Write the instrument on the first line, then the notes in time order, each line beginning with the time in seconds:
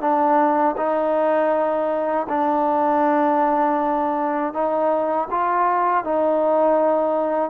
trombone
0.00 D4
0.77 D#4
2.29 D4
4.53 D#4
5.30 F4
6.04 D#4